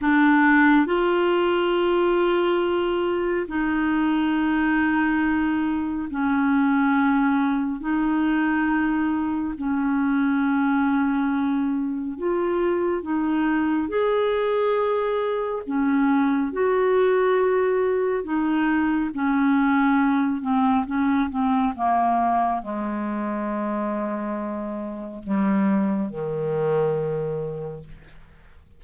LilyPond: \new Staff \with { instrumentName = "clarinet" } { \time 4/4 \tempo 4 = 69 d'4 f'2. | dis'2. cis'4~ | cis'4 dis'2 cis'4~ | cis'2 f'4 dis'4 |
gis'2 cis'4 fis'4~ | fis'4 dis'4 cis'4. c'8 | cis'8 c'8 ais4 gis2~ | gis4 g4 dis2 | }